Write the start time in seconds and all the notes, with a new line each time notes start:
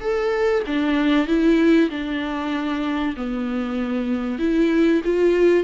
0.00 A4
0.66 D4
1.27 E4
1.89 D4
3.16 B3
4.39 E4
5.04 F4